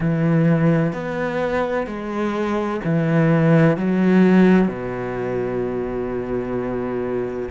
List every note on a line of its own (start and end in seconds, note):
0.00 0.92 E3
0.92 1.86 B3
1.86 2.80 G#3
2.84 3.77 E3
3.77 4.67 F#3
4.67 7.49 B2